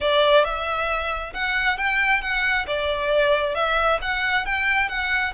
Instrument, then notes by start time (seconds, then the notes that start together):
violin
0.00 D5
0.44 E5
1.33 F#5
1.77 G5
2.21 F#5
2.67 D5
3.55 E5
4.01 F#5
4.45 G5
4.88 F#5